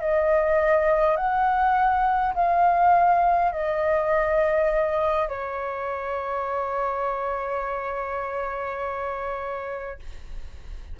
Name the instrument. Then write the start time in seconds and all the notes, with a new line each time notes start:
flute
0.00 D#5
1.16 F#5
2.34 F5
3.52 D#5
5.28 C#5